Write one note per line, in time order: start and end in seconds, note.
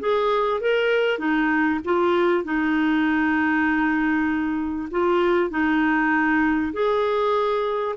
0.00 0.61 G#4
0.61 1.19 A#4
1.19 1.80 D#4
1.85 2.44 F4
2.44 4.89 D#4
4.91 5.50 F4
5.50 6.73 D#4
6.73 7.96 G#4